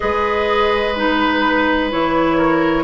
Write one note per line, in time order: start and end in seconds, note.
0.00 1.93 G#3
0.00 0.95 G#4
0.00 2.37 B4
0.00 0.93 D#5
0.93 1.90 D#4
0.93 1.89 B4
1.90 2.83 E3
1.90 2.83 E4
1.90 2.83 C#5
2.37 2.83 A#4